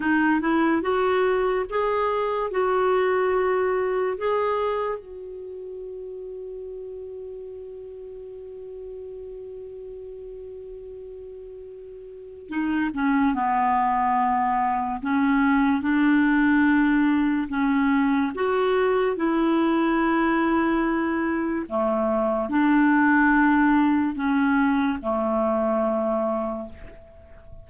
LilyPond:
\new Staff \with { instrumentName = "clarinet" } { \time 4/4 \tempo 4 = 72 dis'8 e'8 fis'4 gis'4 fis'4~ | fis'4 gis'4 fis'2~ | fis'1~ | fis'2. dis'8 cis'8 |
b2 cis'4 d'4~ | d'4 cis'4 fis'4 e'4~ | e'2 a4 d'4~ | d'4 cis'4 a2 | }